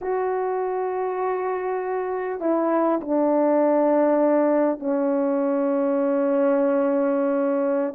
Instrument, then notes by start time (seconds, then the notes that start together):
horn
0.01 F#4
2.40 E4
3.01 D4
4.79 C#4